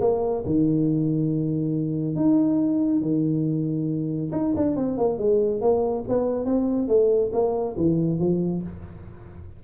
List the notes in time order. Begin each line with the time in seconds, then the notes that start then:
0.00 A#3
0.45 D#3
2.15 D#4
3.01 D#3
4.31 D#4
4.56 D4
4.75 C4
4.97 A#3
5.18 G#3
5.61 A#3
6.08 B3
6.45 C4
6.88 A3
7.32 A#3
7.76 E3
8.19 F3